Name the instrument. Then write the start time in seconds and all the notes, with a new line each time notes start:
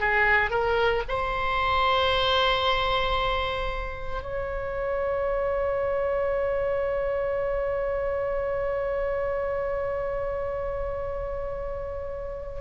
oboe
0.00 G#4
0.51 A#4
1.09 C5
4.22 C#5